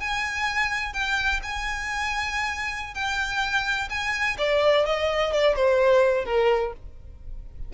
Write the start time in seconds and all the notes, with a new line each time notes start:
0.00 G#5
0.93 G5
1.43 G#5
2.95 G5
3.90 G#5
4.38 D5
4.86 D#5
5.33 D5
5.56 C5
6.26 A#4